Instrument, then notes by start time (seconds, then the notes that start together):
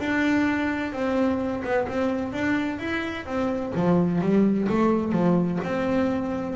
double bass
0.00 D4
0.93 C4
1.64 B3
1.87 C4
2.33 D4
2.79 E4
3.26 C4
3.75 F3
4.21 G3
4.69 A3
5.12 F3
5.64 C4